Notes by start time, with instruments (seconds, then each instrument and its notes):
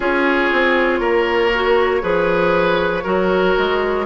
0.00 bassoon C#4, clarinet F4, oboe G#4, flute C#5
0.51 bassoon C4
0.99 bassoon A#3, oboe A#4
1.54 clarinet F#4
2.00 bassoon F3, clarinet G#4, oboe B4
3.03 bassoon F#3, clarinet F#4, oboe A#4
3.57 bassoon G#3